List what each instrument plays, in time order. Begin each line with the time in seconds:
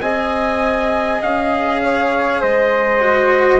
0.00 bassoon C4, cello G#4, flute D#5, trumpet G#5
1.21 bassoon C#4, trumpet F5
1.82 flute C#5
2.40 bassoon G#3, flute C5, trumpet D#5
3.00 cello F#4